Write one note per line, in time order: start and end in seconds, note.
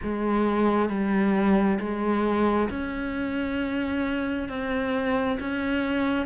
0.02 0.89 G#3
0.89 1.78 G3
1.79 2.69 G#3
2.69 4.48 C#4
4.49 5.38 C4
5.40 6.26 C#4